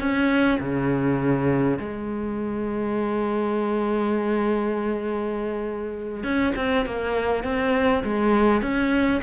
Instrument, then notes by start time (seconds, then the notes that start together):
cello
0.00 C#4
0.60 C#3
1.80 G#3
6.24 C#4
6.56 C4
6.86 A#3
7.44 C4
8.04 G#3
8.62 C#4